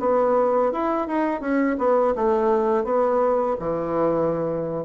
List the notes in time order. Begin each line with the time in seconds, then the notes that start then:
0.00 B3
0.72 E4
1.07 D#4
1.41 C#4
1.78 B3
2.16 A3
2.84 B3
3.59 E3